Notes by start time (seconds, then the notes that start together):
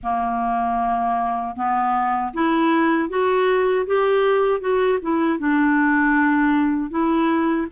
0.03 A#3
1.56 B3
2.33 E4
3.09 F#4
3.86 G4
4.60 F#4
5.01 E4
5.38 D4
6.90 E4